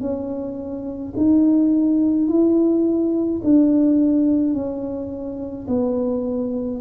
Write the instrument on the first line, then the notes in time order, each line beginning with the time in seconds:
tuba
0.00 C#4
1.17 D#4
2.28 E4
3.44 D4
4.54 C#4
5.67 B3